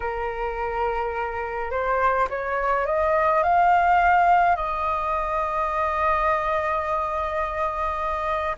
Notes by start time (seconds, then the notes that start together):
0.00 A#4
1.70 C5
2.29 C#5
2.85 D#5
3.43 F5
4.56 D#5